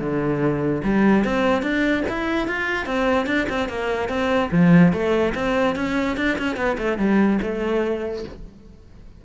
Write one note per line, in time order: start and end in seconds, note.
0.00 0.82 D3
0.84 1.25 G3
1.25 1.62 C4
1.62 2.03 D4
2.09 2.48 E4
2.48 2.86 F4
2.86 3.26 C4
3.26 3.47 D4
3.49 3.69 C4
3.69 4.09 A#3
4.09 4.50 C4
4.52 4.93 F3
4.93 5.34 A3
5.35 5.76 C4
5.76 6.17 C#4
6.17 6.38 D4
6.39 6.56 C#4
6.56 6.77 B3
6.78 6.98 A3
6.98 7.39 G3
7.42 8.24 A3